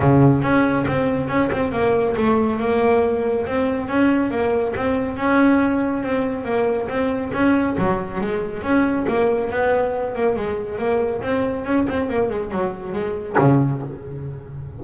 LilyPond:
\new Staff \with { instrumentName = "double bass" } { \time 4/4 \tempo 4 = 139 cis4 cis'4 c'4 cis'8 c'8 | ais4 a4 ais2 | c'4 cis'4 ais4 c'4 | cis'2 c'4 ais4 |
c'4 cis'4 fis4 gis4 | cis'4 ais4 b4. ais8 | gis4 ais4 c'4 cis'8 c'8 | ais8 gis8 fis4 gis4 cis4 | }